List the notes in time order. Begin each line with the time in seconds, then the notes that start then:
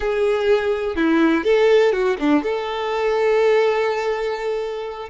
0.00 G#4
0.96 E4
1.44 A4
1.92 F#4
2.19 D4
2.43 A4